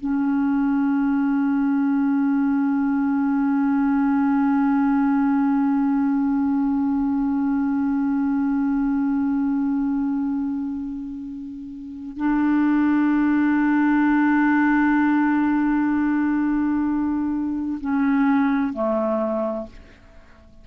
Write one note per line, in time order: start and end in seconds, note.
0.00 12.17 C#4
12.17 17.79 D4
17.80 18.73 C#4
18.73 19.67 A3